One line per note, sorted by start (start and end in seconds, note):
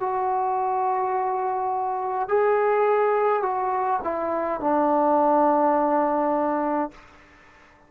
0.00 2.28 F#4
2.28 3.42 G#4
3.42 4.00 F#4
4.04 4.60 E4
4.60 6.91 D4